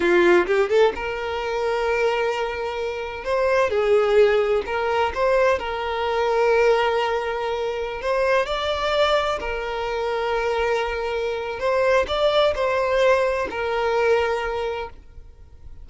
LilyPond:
\new Staff \with { instrumentName = "violin" } { \time 4/4 \tempo 4 = 129 f'4 g'8 a'8 ais'2~ | ais'2. c''4 | gis'2 ais'4 c''4 | ais'1~ |
ais'4~ ais'16 c''4 d''4.~ d''16~ | d''16 ais'2.~ ais'8.~ | ais'4 c''4 d''4 c''4~ | c''4 ais'2. | }